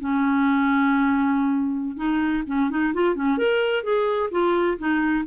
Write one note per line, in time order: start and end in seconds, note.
0.00 1.97 C#4
1.97 2.43 D#4
2.47 2.70 C#4
2.70 2.93 D#4
2.94 3.16 F4
3.16 3.38 C#4
3.38 3.84 A#4
3.84 4.30 G#4
4.31 4.78 F4
4.78 5.25 D#4